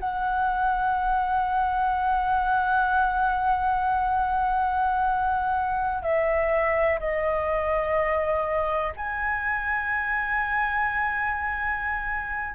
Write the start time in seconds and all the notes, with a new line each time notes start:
0.00 F#5
6.03 E5
7.00 D#5
8.96 G#5